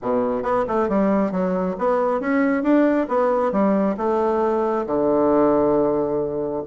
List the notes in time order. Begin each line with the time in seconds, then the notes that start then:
0.01 B2
0.42 B3
0.67 A3
0.88 G3
1.31 F#3
1.78 B3
2.20 C#4
2.63 D4
3.08 B3
3.52 G3
3.97 A3
4.86 D3